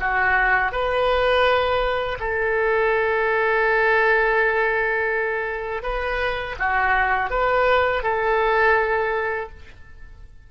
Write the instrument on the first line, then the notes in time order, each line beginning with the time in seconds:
oboe
0.00 F#4
0.72 B4
2.20 A4
5.83 B4
6.59 F#4
7.30 B4
8.03 A4